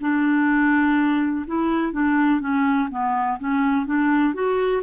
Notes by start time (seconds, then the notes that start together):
0.00 D4
1.46 E4
1.92 D4
2.40 C#4
2.90 B3
3.39 C#4
3.86 D4
4.34 F#4